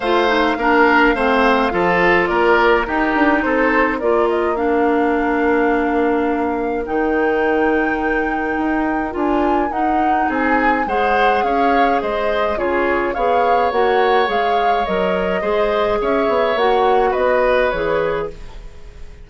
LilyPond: <<
  \new Staff \with { instrumentName = "flute" } { \time 4/4 \tempo 4 = 105 f''1 | d''4 ais'4 c''4 d''8 dis''8 | f''1 | g''1 |
gis''4 fis''4 gis''4 fis''4 | f''4 dis''4 cis''4 f''4 | fis''4 f''4 dis''2 | e''4 fis''4 dis''4 cis''4 | }
  \new Staff \with { instrumentName = "oboe" } { \time 4/4 c''4 ais'4 c''4 a'4 | ais'4 g'4 a'4 ais'4~ | ais'1~ | ais'1~ |
ais'2 gis'4 c''4 | cis''4 c''4 gis'4 cis''4~ | cis''2. c''4 | cis''2 b'2 | }
  \new Staff \with { instrumentName = "clarinet" } { \time 4/4 f'8 dis'8 d'4 c'4 f'4~ | f'4 dis'2 f'4 | d'1 | dis'1 |
f'4 dis'2 gis'4~ | gis'2 f'4 gis'4 | fis'4 gis'4 ais'4 gis'4~ | gis'4 fis'2 gis'4 | }
  \new Staff \with { instrumentName = "bassoon" } { \time 4/4 a4 ais4 a4 f4 | ais4 dis'8 d'8 c'4 ais4~ | ais1 | dis2. dis'4 |
d'4 dis'4 c'4 gis4 | cis'4 gis4 cis4 b4 | ais4 gis4 fis4 gis4 | cis'8 b8 ais4 b4 e4 | }
>>